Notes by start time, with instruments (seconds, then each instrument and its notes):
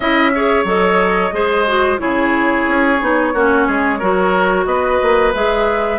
0.00 bassoon C#4, clarinet E4, oboe D#5, flute E5
0.34 clarinet G#4, oboe C#5
0.64 bassoon F#3, clarinet A4, flute D#5
1.32 bassoon G#3, clarinet G#4, oboe C5
1.67 clarinet F#4
1.98 bassoon C#3, clarinet E4, oboe G#4, flute C#5
2.67 bassoon C#4
3.00 bassoon B3, clarinet D#4
3.33 bassoon A#3, clarinet C#4, oboe F#4
3.67 bassoon G#3, oboe G#4
3.98 bassoon F#3, clarinet F#4, oboe A#4
4.65 bassoon B3, oboe B4, flute D#5
5.02 bassoon A#3
5.33 bassoon G#3, clarinet G#4, flute E5